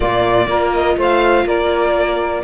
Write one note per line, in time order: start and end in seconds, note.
0.00 0.47 A#2
0.00 0.46 A#3
0.00 0.48 F4
0.00 0.72 D5
0.47 0.95 A#3
0.47 2.43 F4
0.47 0.97 A#4
0.73 0.97 D#5
0.96 1.45 A3
0.96 1.45 C5
0.96 1.47 F5
1.45 2.43 A#3
1.45 2.43 A#4
1.45 2.43 D5